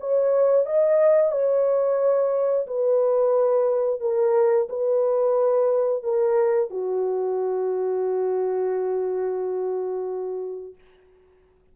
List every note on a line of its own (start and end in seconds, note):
0.00 0.66 C#5
0.66 1.32 D#5
1.32 2.67 C#5
2.67 4.00 B4
4.00 4.68 A#4
4.69 6.03 B4
6.03 6.70 A#4
6.70 10.75 F#4